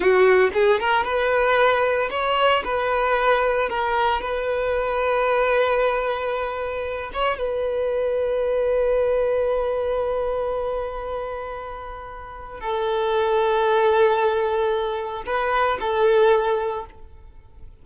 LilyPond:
\new Staff \with { instrumentName = "violin" } { \time 4/4 \tempo 4 = 114 fis'4 gis'8 ais'8 b'2 | cis''4 b'2 ais'4 | b'1~ | b'4. cis''8 b'2~ |
b'1~ | b'1 | a'1~ | a'4 b'4 a'2 | }